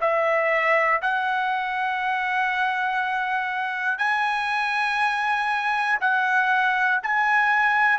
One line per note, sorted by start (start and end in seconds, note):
0.00 1.00 E5
1.02 3.98 F#5
3.98 5.98 G#5
6.00 7.00 F#5
7.03 7.98 G#5